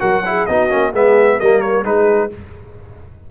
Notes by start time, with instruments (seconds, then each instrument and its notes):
0.00 tuba F#3, trombone F#4, horn A#4, trumpet F#5
0.25 trombone E4, horn G#4
0.46 tuba B3, trombone D#4, horn F#4, trumpet D#5
0.69 tuba A#3, trombone C#4
0.92 tuba G#3, trombone B3, horn G#4, trumpet E5
1.36 tuba G3, trombone A#3, horn A#4, trumpet D#5
1.61 trumpet C#5
1.83 tuba G#3, trombone D#4, horn G#4, trumpet B4